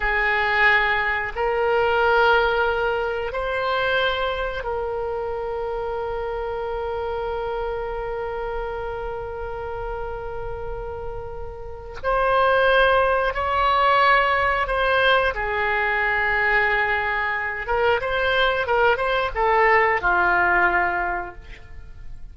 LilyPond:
\new Staff \with { instrumentName = "oboe" } { \time 4/4 \tempo 4 = 90 gis'2 ais'2~ | ais'4 c''2 ais'4~ | ais'1~ | ais'1~ |
ais'2 c''2 | cis''2 c''4 gis'4~ | gis'2~ gis'8 ais'8 c''4 | ais'8 c''8 a'4 f'2 | }